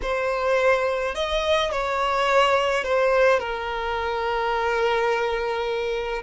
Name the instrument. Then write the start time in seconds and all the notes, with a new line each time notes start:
violin
0.02 C5
1.14 D#5
1.71 C#5
2.84 C5
3.39 A#4